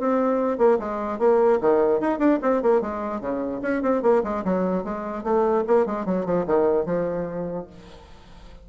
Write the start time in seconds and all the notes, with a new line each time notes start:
0.00 C4
0.58 A#3
0.79 G#3
1.19 A#3
1.61 D#3
2.01 D#4
2.19 D4
2.43 C4
2.63 A#3
2.82 G#3
3.21 C#3
3.62 C#4
3.83 C4
4.03 A#3
4.24 G#3
4.45 F#3
4.84 G#3
5.24 A3
5.68 A#3
5.86 G#3
6.06 F#3
6.26 F3
6.47 D#3
6.86 F3